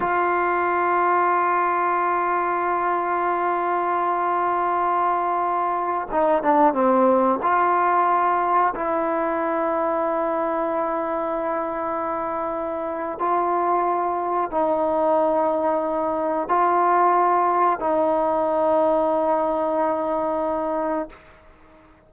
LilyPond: \new Staff \with { instrumentName = "trombone" } { \time 4/4 \tempo 4 = 91 f'1~ | f'1~ | f'4~ f'16 dis'8 d'8 c'4 f'8.~ | f'4~ f'16 e'2~ e'8.~ |
e'1 | f'2 dis'2~ | dis'4 f'2 dis'4~ | dis'1 | }